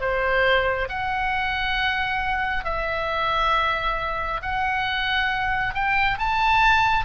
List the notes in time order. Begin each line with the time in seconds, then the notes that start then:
0.00 C5
0.89 F#5
2.64 E5
4.42 F#5
5.74 G5
6.18 A5